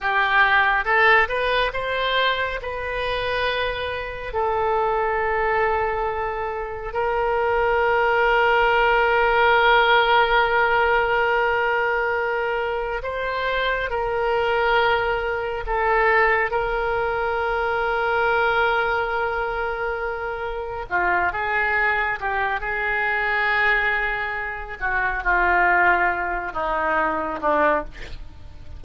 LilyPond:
\new Staff \with { instrumentName = "oboe" } { \time 4/4 \tempo 4 = 69 g'4 a'8 b'8 c''4 b'4~ | b'4 a'2. | ais'1~ | ais'2. c''4 |
ais'2 a'4 ais'4~ | ais'1 | f'8 gis'4 g'8 gis'2~ | gis'8 fis'8 f'4. dis'4 d'8 | }